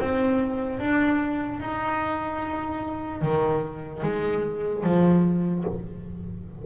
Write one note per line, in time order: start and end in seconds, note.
0.00 0.80 C4
0.80 1.60 D4
1.60 3.22 D#4
3.22 4.03 D#3
4.03 4.84 G#3
4.84 5.65 F3